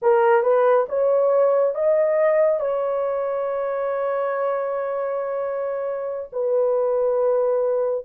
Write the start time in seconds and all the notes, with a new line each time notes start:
0.02 A#4
0.43 B4
0.88 C#5
1.74 D#5
2.59 C#5
6.32 B4